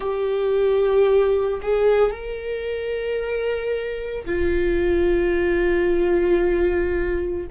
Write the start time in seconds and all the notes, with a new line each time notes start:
0.00 G4
1.62 G#4
2.10 A#4
4.25 F4